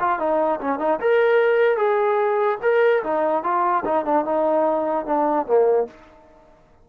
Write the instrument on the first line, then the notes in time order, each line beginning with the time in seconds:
trombone
0.00 F4
0.19 D#4
0.61 C#4
0.79 D#4
1.01 A#4
1.77 G#4
2.62 A#4
3.03 D#4
3.43 F4
3.85 D#4
4.05 D4
4.25 D#4
5.06 D4
5.46 A#3